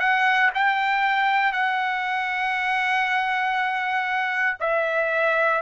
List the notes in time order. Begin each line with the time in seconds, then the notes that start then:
0.00 F#5
0.55 G5
1.53 F#5
4.60 E5